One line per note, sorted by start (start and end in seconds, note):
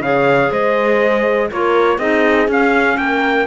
0.00 0.50 C#3
0.00 1.51 G#4
0.00 0.51 C#5
0.00 0.52 F5
0.51 1.51 G#3
0.51 1.50 C5
0.51 1.52 D#5
1.51 1.98 A#3
1.51 1.99 F4
1.51 1.98 A#4
1.51 1.99 C#5
1.98 2.48 C4
1.98 2.49 D#4
1.98 2.97 G#4
1.98 2.49 D#5
2.48 2.97 C#4
2.48 3.47 C#4
2.48 2.98 F5
2.98 3.47 A#3
2.98 3.47 A#4
2.98 3.47 G5